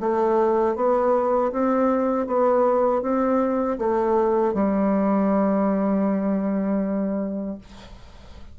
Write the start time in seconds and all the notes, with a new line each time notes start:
0.00 A3
0.76 B3
1.52 C4
2.27 B3
3.02 C4
3.78 A3
4.54 G3